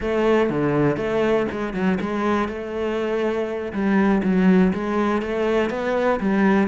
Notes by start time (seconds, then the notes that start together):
0.00 A3
0.49 D3
0.96 A3
1.51 G#3
1.73 F#3
2.00 G#3
2.48 A3
3.72 G3
4.23 F#3
4.73 G#3
5.22 A3
5.70 B3
6.20 G3